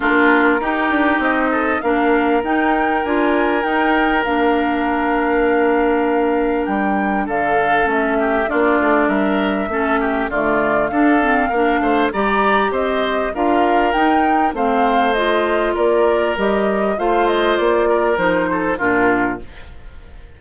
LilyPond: <<
  \new Staff \with { instrumentName = "flute" } { \time 4/4 \tempo 4 = 99 ais'2 dis''4 f''4 | g''4 gis''4 g''4 f''4~ | f''2. g''4 | f''4 e''4 d''4 e''4~ |
e''4 d''4 f''2 | ais''4 dis''4 f''4 g''4 | f''4 dis''4 d''4 dis''4 | f''8 dis''8 d''4 c''4 ais'4 | }
  \new Staff \with { instrumentName = "oboe" } { \time 4/4 f'4 g'4. a'8 ais'4~ | ais'1~ | ais'1 | a'4. g'8 f'4 ais'4 |
a'8 g'8 f'4 a'4 ais'8 c''8 | d''4 c''4 ais'2 | c''2 ais'2 | c''4. ais'4 a'8 f'4 | }
  \new Staff \with { instrumentName = "clarinet" } { \time 4/4 d'4 dis'2 d'4 | dis'4 f'4 dis'4 d'4~ | d'1~ | d'4 cis'4 d'2 |
cis'4 a4 d'8 c'8 d'4 | g'2 f'4 dis'4 | c'4 f'2 g'4 | f'2 dis'4 d'4 | }
  \new Staff \with { instrumentName = "bassoon" } { \time 4/4 ais4 dis'8 d'8 c'4 ais4 | dis'4 d'4 dis'4 ais4~ | ais2. g4 | d4 a4 ais8 a8 g4 |
a4 d4 d'4 ais8 a8 | g4 c'4 d'4 dis'4 | a2 ais4 g4 | a4 ais4 f4 ais,4 | }
>>